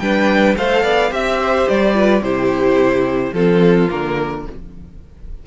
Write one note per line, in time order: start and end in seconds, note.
0.00 0.56 G3
0.00 0.58 D4
0.00 0.57 B4
0.00 0.56 G5
0.57 0.84 A3
0.57 1.10 A4
0.57 0.83 C5
0.57 1.14 F5
0.83 1.11 B3
0.83 1.11 D5
1.10 1.67 C4
1.10 1.93 G4
1.10 1.40 E5
1.10 1.69 E5
1.40 1.96 C5
1.69 2.21 G3
1.69 2.23 D5
1.94 2.22 F4
1.94 2.24 B4
2.21 3.33 C3
2.21 3.35 E4
2.21 3.34 G4
2.21 3.34 C5
3.33 3.89 F3
3.33 3.89 C4
3.33 4.46 F4
3.33 3.89 A4
3.89 4.47 D3
3.89 4.45 A#3
3.89 4.47 A#4